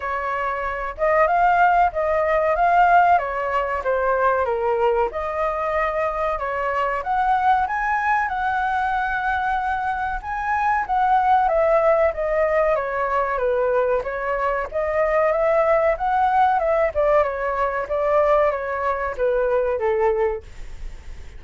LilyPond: \new Staff \with { instrumentName = "flute" } { \time 4/4 \tempo 4 = 94 cis''4. dis''8 f''4 dis''4 | f''4 cis''4 c''4 ais'4 | dis''2 cis''4 fis''4 | gis''4 fis''2. |
gis''4 fis''4 e''4 dis''4 | cis''4 b'4 cis''4 dis''4 | e''4 fis''4 e''8 d''8 cis''4 | d''4 cis''4 b'4 a'4 | }